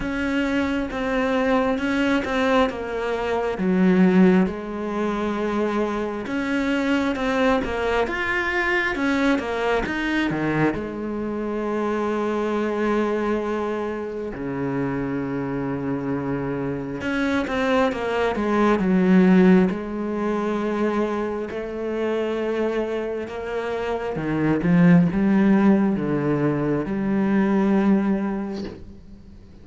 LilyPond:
\new Staff \with { instrumentName = "cello" } { \time 4/4 \tempo 4 = 67 cis'4 c'4 cis'8 c'8 ais4 | fis4 gis2 cis'4 | c'8 ais8 f'4 cis'8 ais8 dis'8 dis8 | gis1 |
cis2. cis'8 c'8 | ais8 gis8 fis4 gis2 | a2 ais4 dis8 f8 | g4 d4 g2 | }